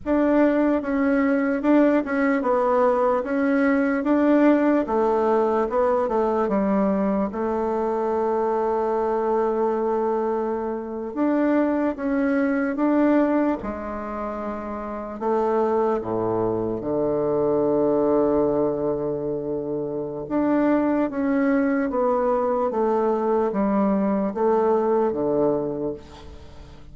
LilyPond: \new Staff \with { instrumentName = "bassoon" } { \time 4/4 \tempo 4 = 74 d'4 cis'4 d'8 cis'8 b4 | cis'4 d'4 a4 b8 a8 | g4 a2.~ | a4.~ a16 d'4 cis'4 d'16~ |
d'8. gis2 a4 a,16~ | a,8. d2.~ d16~ | d4 d'4 cis'4 b4 | a4 g4 a4 d4 | }